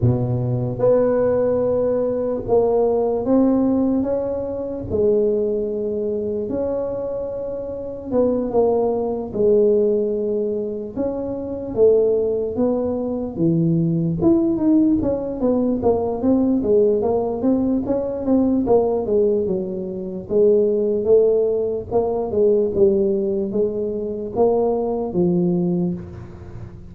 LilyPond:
\new Staff \with { instrumentName = "tuba" } { \time 4/4 \tempo 4 = 74 b,4 b2 ais4 | c'4 cis'4 gis2 | cis'2 b8 ais4 gis8~ | gis4. cis'4 a4 b8~ |
b8 e4 e'8 dis'8 cis'8 b8 ais8 | c'8 gis8 ais8 c'8 cis'8 c'8 ais8 gis8 | fis4 gis4 a4 ais8 gis8 | g4 gis4 ais4 f4 | }